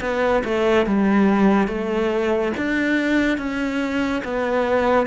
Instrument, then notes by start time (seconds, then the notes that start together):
cello
0.00 B3
0.44 A3
0.86 G3
1.67 A3
2.57 D4
3.37 C#4
4.24 B3